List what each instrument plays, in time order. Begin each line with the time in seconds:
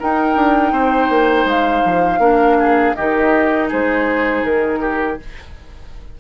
0.00 clarinet D#4, bassoon D#4, oboe A#4, flute G5
0.36 bassoon D4
0.72 bassoon C4, oboe C5
1.09 bassoon A#3
1.45 bassoon G#3, flute F5
1.85 bassoon F3
2.19 bassoon A#3, clarinet D4, oboe A#4
2.59 oboe G#4
2.96 bassoon D#3, clarinet D#4, oboe G4, flute D#5
3.69 bassoon G#3, oboe G#4, flute C5
4.43 bassoon D#3, flute A#4
4.81 oboe G4